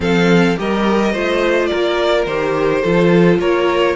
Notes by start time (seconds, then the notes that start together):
0.00 F3 C4 A4 F5
0.56 G3 G4 A#4 D#5
1.12 A3 F4 C5
1.66 A#4 D5
1.73 A#3
2.26 D#3 G4 C5
2.81 F3 F4 A4
3.38 A#3 A#4 C#5